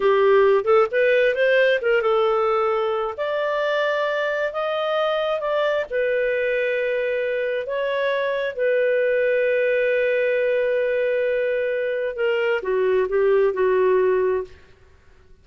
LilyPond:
\new Staff \with { instrumentName = "clarinet" } { \time 4/4 \tempo 4 = 133 g'4. a'8 b'4 c''4 | ais'8 a'2~ a'8 d''4~ | d''2 dis''2 | d''4 b'2.~ |
b'4 cis''2 b'4~ | b'1~ | b'2. ais'4 | fis'4 g'4 fis'2 | }